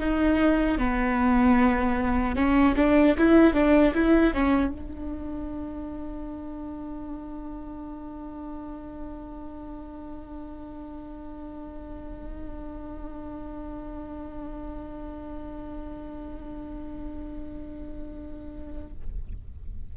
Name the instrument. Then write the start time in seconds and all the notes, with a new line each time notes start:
viola
0.00 D#4
0.79 B3
2.36 C#4
2.76 D4
3.18 E4
3.54 D4
3.94 E4
4.34 C#4
4.72 D4